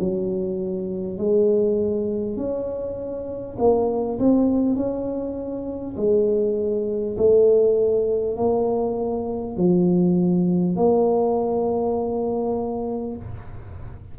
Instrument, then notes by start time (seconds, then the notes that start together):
tuba
0.00 F#3
1.18 G#3
2.37 C#4
3.59 A#3
4.19 C4
4.76 C#4
5.97 G#3
7.18 A3
8.37 A#3
9.57 F3
10.77 A#3